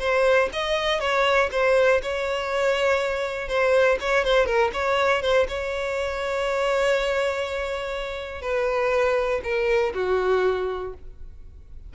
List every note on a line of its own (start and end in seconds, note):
0.00 0.50 C5
0.53 1.00 D#5
1.00 1.50 C#5
1.52 2.02 C5
2.03 3.49 C#5
3.49 3.98 C5
4.01 4.25 C#5
4.25 4.46 C5
4.46 4.71 A#4
4.74 5.22 C#5
5.22 5.47 C5
5.49 8.42 C#5
8.42 9.41 B4
9.44 9.94 A#4
9.95 10.94 F#4